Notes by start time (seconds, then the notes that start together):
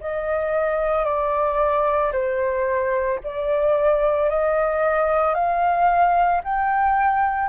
0.00 D#5
1.05 D5
2.12 C5
3.23 D5
4.30 D#5
5.34 F5
6.43 G5